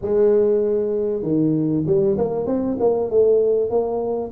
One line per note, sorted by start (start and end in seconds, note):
0.01 1.22 G#3
1.22 1.84 D#3
1.86 2.17 G3
2.17 2.46 A#3
2.46 2.77 C4
2.79 3.09 A#3
3.09 3.69 A3
3.69 4.31 A#3